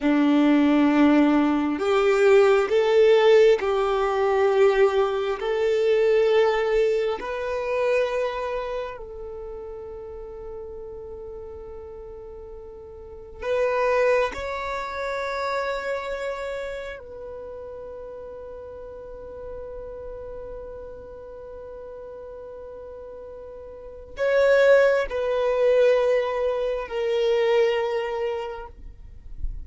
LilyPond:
\new Staff \with { instrumentName = "violin" } { \time 4/4 \tempo 4 = 67 d'2 g'4 a'4 | g'2 a'2 | b'2 a'2~ | a'2. b'4 |
cis''2. b'4~ | b'1~ | b'2. cis''4 | b'2 ais'2 | }